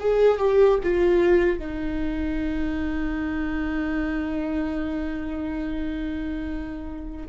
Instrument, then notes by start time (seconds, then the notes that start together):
viola
0.00 G#4
0.38 G4
0.84 F4
1.59 D#4